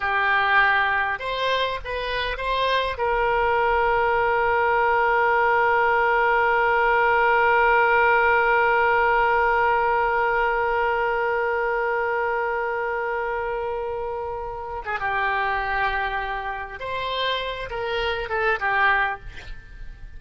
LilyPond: \new Staff \with { instrumentName = "oboe" } { \time 4/4 \tempo 4 = 100 g'2 c''4 b'4 | c''4 ais'2.~ | ais'1~ | ais'1~ |
ais'1~ | ais'1~ | ais'8. gis'16 g'2. | c''4. ais'4 a'8 g'4 | }